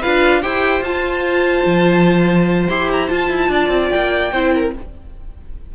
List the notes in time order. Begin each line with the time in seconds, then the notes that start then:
0.00 D4 F4 B4 F5
0.42 E4 G4 C5 G5
0.80 F4 A5
1.65 F3
2.69 E4 G4 C6
2.92 A#5
3.08 F4 A5
3.30 E4
3.48 D4 D5
3.68 C4
3.89 A#3 G5
4.32 C4 E4 C5
4.54 A#4